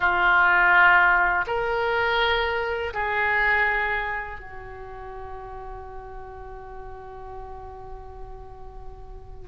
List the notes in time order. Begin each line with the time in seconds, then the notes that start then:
0.00 F4
1.46 A#4
2.93 G#4
4.40 F#4